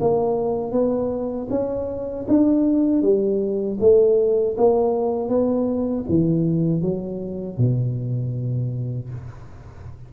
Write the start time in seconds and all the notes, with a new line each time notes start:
0.00 A#3
0.71 B3
1.49 C#4
2.28 D4
3.02 G3
3.80 A3
4.57 A#3
5.28 B3
6.09 E3
6.81 F#3
7.57 B2